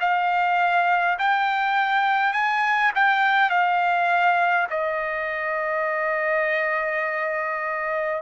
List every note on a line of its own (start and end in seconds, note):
0.00 1.18 F5
1.19 2.33 G5
2.33 2.91 G#5
2.95 3.50 G5
3.50 4.67 F5
4.70 8.22 D#5